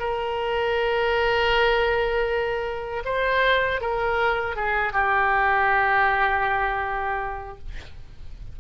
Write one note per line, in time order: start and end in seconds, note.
0.00 3.04 A#4
3.05 3.81 C5
3.81 4.56 A#4
4.56 4.93 G#4
4.93 7.59 G4